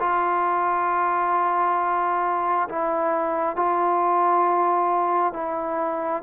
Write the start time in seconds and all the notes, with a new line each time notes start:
0.00 F4
2.69 E4
3.56 F4
5.33 E4